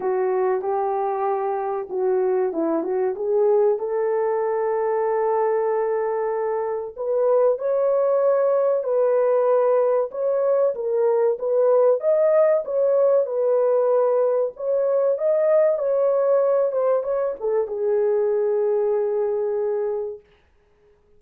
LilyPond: \new Staff \with { instrumentName = "horn" } { \time 4/4 \tempo 4 = 95 fis'4 g'2 fis'4 | e'8 fis'8 gis'4 a'2~ | a'2. b'4 | cis''2 b'2 |
cis''4 ais'4 b'4 dis''4 | cis''4 b'2 cis''4 | dis''4 cis''4. c''8 cis''8 a'8 | gis'1 | }